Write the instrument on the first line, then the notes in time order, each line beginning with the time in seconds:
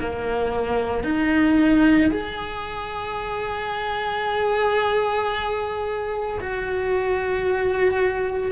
cello
0.00 A#3
1.03 D#4
2.11 G#4
6.40 F#4